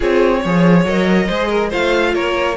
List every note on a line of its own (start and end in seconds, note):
0.00 0.44 C4
0.00 0.40 F4
0.00 0.41 G#4
0.00 0.86 C#5
0.42 0.85 F3
0.42 0.86 G#4
0.42 1.26 C#5
0.85 1.27 F#3
0.85 1.29 A#4
0.85 1.72 D#5
1.26 1.72 G#3
1.26 1.70 G#4
1.26 1.48 C5
1.49 1.69 A#4
1.69 2.15 A3
1.69 2.56 F4
1.69 2.12 C5
1.69 2.14 F5
2.14 2.56 A#3
2.14 2.56 A#4
2.14 2.56 C#5